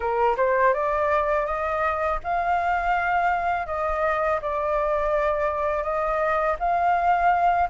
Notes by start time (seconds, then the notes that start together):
0.00 A#4
0.37 C5
0.73 D5
1.46 D#5
2.23 F5
3.66 D#5
4.41 D5
5.83 D#5
6.59 F5